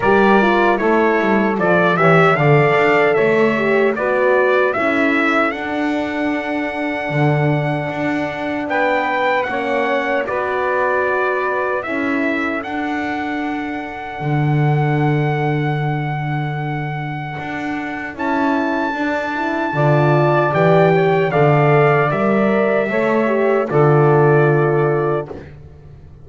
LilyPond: <<
  \new Staff \with { instrumentName = "trumpet" } { \time 4/4 \tempo 4 = 76 d''4 cis''4 d''8 e''8 f''4 | e''4 d''4 e''4 fis''4~ | fis''2. g''4 | fis''4 d''2 e''4 |
fis''1~ | fis''2. a''4~ | a''2 g''4 f''4 | e''2 d''2 | }
  \new Staff \with { instrumentName = "saxophone" } { \time 4/4 ais'4 a'4. cis''8 d''4 | cis''4 b'4 a'2~ | a'2. b'4 | cis''4 b'2 a'4~ |
a'1~ | a'1~ | a'4 d''4. cis''8 d''4~ | d''4 cis''4 a'2 | }
  \new Staff \with { instrumentName = "horn" } { \time 4/4 g'8 f'8 e'4 f'8 g'8 a'4~ | a'8 g'8 fis'4 e'4 d'4~ | d'1 | cis'4 fis'2 e'4 |
d'1~ | d'2. e'4 | d'8 e'8 f'4 g'4 a'4 | ais'4 a'8 g'8 f'2 | }
  \new Staff \with { instrumentName = "double bass" } { \time 4/4 g4 a8 g8 f8 e8 d8 d'8 | a4 b4 cis'4 d'4~ | d'4 d4 d'4 b4 | ais4 b2 cis'4 |
d'2 d2~ | d2 d'4 cis'4 | d'4 d4 e4 d4 | g4 a4 d2 | }
>>